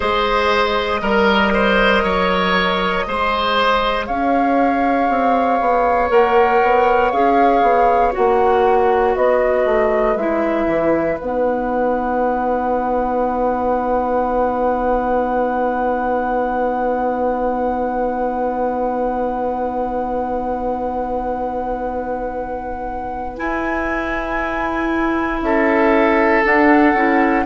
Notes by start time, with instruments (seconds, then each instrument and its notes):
0.00 bassoon G#3, clarinet G#4, oboe C5, flute D#5
1.01 bassoon G3, clarinet A#4, oboe A#4
1.53 oboe C5
2.03 bassoon F#3, oboe C#5
3.05 bassoon G#3, clarinet G#4, oboe C5
4.06 bassoon C#4, oboe C#5, flute F5
5.09 bassoon C4
5.60 bassoon B3
6.09 bassoon A#3, clarinet A#4, flute F#5
6.62 bassoon B3
7.11 bassoon C#4, clarinet G#4, flute F5
7.62 bassoon B3
8.12 bassoon A#3, clarinet F#4, flute F#5
9.15 bassoon B3, oboe B4, flute D#5
9.65 bassoon A3
10.15 bassoon G#3, clarinet E4, flute E5
10.66 bassoon E3
11.18 bassoon B3, clarinet D#4, flute F#5
23.37 clarinet E4, bassoon E4, flute G#5
25.42 bassoon C#4, oboe A4, flute E5
26.43 clarinet D4, bassoon D4, flute F#5
26.93 bassoon C#4, clarinet E4